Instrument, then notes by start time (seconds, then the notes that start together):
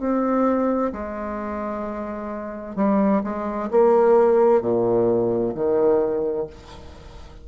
bassoon
0.00 C4
0.93 G#3
2.76 G3
3.24 G#3
3.71 A#3
4.62 A#2
5.55 D#3